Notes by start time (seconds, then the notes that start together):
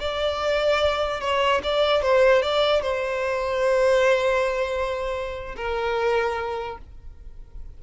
0.00 D5
1.21 C#5
1.64 D5
2.02 C5
2.42 D5
2.82 C5
5.56 A#4